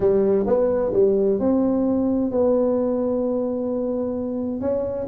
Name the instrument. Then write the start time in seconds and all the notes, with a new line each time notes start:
tuba
0.00 G3
0.46 B3
0.93 G3
1.39 C4
2.31 B3
4.60 C#4